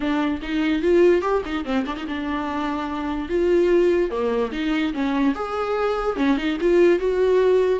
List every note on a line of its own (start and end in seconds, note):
0.00 0.40 D4
0.42 0.82 D#4
0.82 1.21 F4
1.21 1.42 G4
1.45 1.64 D#4
1.64 1.85 C4
1.86 1.96 D4
1.96 2.06 D#4
2.07 3.28 D4
3.28 4.10 F4
4.10 4.51 A#3
4.52 4.93 D#4
4.93 5.34 C#4
5.34 6.16 G#4
6.16 6.37 C#4
6.37 6.57 D#4
6.61 6.99 F4
6.99 7.79 F#4